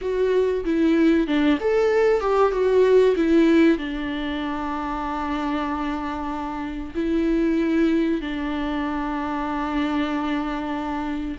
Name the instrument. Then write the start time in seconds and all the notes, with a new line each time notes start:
viola
0.01 F#4
0.64 E4
1.27 D4
1.60 A4
2.20 G4
2.52 F#4
3.16 E4
3.78 D4
6.94 E4
8.21 D4